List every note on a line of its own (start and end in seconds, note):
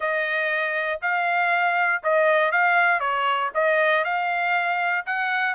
0.00 1.00 D#5
1.01 2.02 F5
2.03 2.51 D#5
2.51 3.00 F5
3.00 3.50 C#5
3.54 4.04 D#5
4.04 5.05 F5
5.06 5.54 F#5